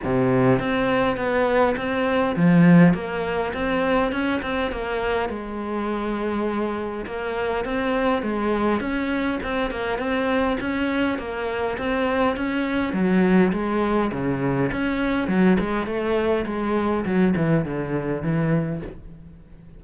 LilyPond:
\new Staff \with { instrumentName = "cello" } { \time 4/4 \tempo 4 = 102 c4 c'4 b4 c'4 | f4 ais4 c'4 cis'8 c'8 | ais4 gis2. | ais4 c'4 gis4 cis'4 |
c'8 ais8 c'4 cis'4 ais4 | c'4 cis'4 fis4 gis4 | cis4 cis'4 fis8 gis8 a4 | gis4 fis8 e8 d4 e4 | }